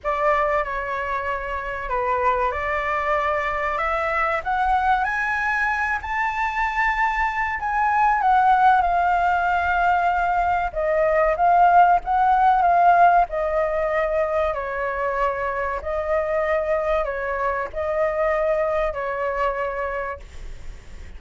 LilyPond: \new Staff \with { instrumentName = "flute" } { \time 4/4 \tempo 4 = 95 d''4 cis''2 b'4 | d''2 e''4 fis''4 | gis''4. a''2~ a''8 | gis''4 fis''4 f''2~ |
f''4 dis''4 f''4 fis''4 | f''4 dis''2 cis''4~ | cis''4 dis''2 cis''4 | dis''2 cis''2 | }